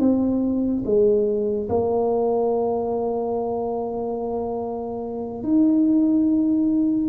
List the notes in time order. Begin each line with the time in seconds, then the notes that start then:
0.00 C4
0.86 G#3
1.70 A#3
5.44 D#4